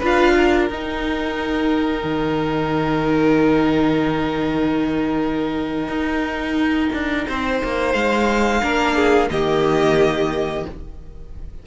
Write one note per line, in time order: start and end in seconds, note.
0.00 0.70 D4
0.00 0.70 F4
0.00 0.34 B4
0.00 0.68 F5
0.37 7.27 A#4
0.68 2.04 D#4
0.68 8.62 D#4
0.68 7.93 G5
2.04 5.88 D#3
5.88 6.89 D#4
6.93 7.27 D4
7.27 7.62 C4
7.27 8.62 C5
7.64 7.94 A#3
7.93 8.62 G#3
7.93 9.28 F5
8.62 9.30 A#3
8.62 9.29 D4
8.62 8.96 A#4
8.96 9.29 G#4
9.31 10.65 D#3
9.31 10.66 A#3
9.31 10.67 G4
9.31 10.65 D#5